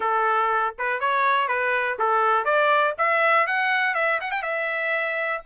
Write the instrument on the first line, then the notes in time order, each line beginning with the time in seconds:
trumpet
0.00 A4
0.78 B4
0.99 C#5
1.47 B4
1.98 A4
2.44 D5
2.98 E5
3.46 F#5
3.94 E5
4.20 F#5
4.31 G5
4.42 E5